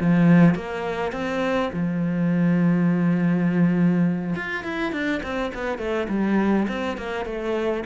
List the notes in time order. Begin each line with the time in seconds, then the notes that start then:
0.00 F3
0.55 A#3
1.12 C4
1.72 F3
4.35 F4
4.63 E4
4.92 D4
5.22 C4
5.54 B3
5.78 A3
6.08 G3
6.68 C4
6.97 A#3
7.25 A3